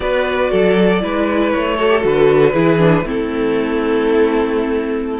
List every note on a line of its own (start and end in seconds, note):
0.00 0.51 B3
0.00 1.00 F#4
0.00 0.50 B4
0.00 1.51 D5
0.50 1.03 F#3
0.50 1.01 A4
1.00 1.54 G#3
1.00 1.76 E4
1.00 1.76 B4
1.51 2.04 A3
1.51 2.02 C#5
1.76 1.89 F#4
1.76 2.52 A4
1.89 2.01 G4
2.01 2.54 D3
2.01 2.52 F#4
2.01 3.07 B4
2.53 3.02 E3
2.53 2.78 E4
2.53 3.04 G#4
2.78 3.03 D4
3.02 5.18 A3
3.02 5.19 C4
3.02 5.19 E4
3.08 5.19 A4